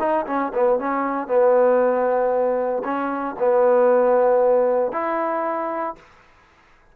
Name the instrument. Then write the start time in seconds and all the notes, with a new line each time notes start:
trombone
0.00 D#4
0.27 C#4
0.55 B3
0.80 C#4
1.28 B3
2.84 C#4
3.39 B3
4.93 E4